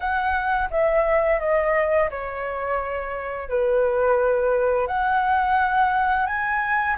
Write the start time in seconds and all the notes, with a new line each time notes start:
0.00 F#5
0.70 E5
1.40 D#5
2.10 C#5
3.49 B4
4.87 F#5
6.26 G#5